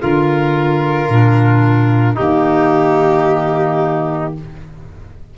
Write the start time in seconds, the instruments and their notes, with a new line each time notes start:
0.00 tuba D3, clarinet F4, trumpet F4, violin A#4
1.09 tuba A#2, clarinet D4
2.15 tuba D#3, clarinet A#3, trumpet D#4, violin G4